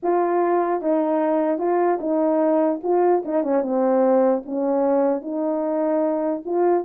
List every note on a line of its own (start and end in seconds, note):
0.02 0.81 F4
0.81 1.58 D#4
1.58 1.98 F4
2.00 2.80 D#4
2.83 3.23 F4
3.25 3.43 D#4
3.43 3.62 C#4
3.62 4.42 C4
4.45 5.21 C#4
5.21 6.42 D#4
6.45 6.84 F4